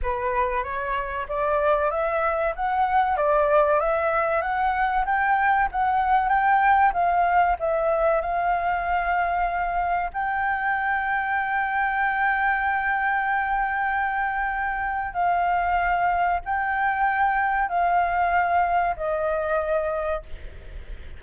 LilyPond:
\new Staff \with { instrumentName = "flute" } { \time 4/4 \tempo 4 = 95 b'4 cis''4 d''4 e''4 | fis''4 d''4 e''4 fis''4 | g''4 fis''4 g''4 f''4 | e''4 f''2. |
g''1~ | g''1 | f''2 g''2 | f''2 dis''2 | }